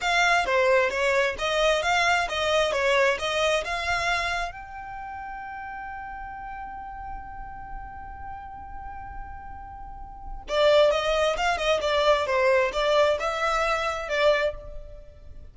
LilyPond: \new Staff \with { instrumentName = "violin" } { \time 4/4 \tempo 4 = 132 f''4 c''4 cis''4 dis''4 | f''4 dis''4 cis''4 dis''4 | f''2 g''2~ | g''1~ |
g''1~ | g''2. d''4 | dis''4 f''8 dis''8 d''4 c''4 | d''4 e''2 d''4 | }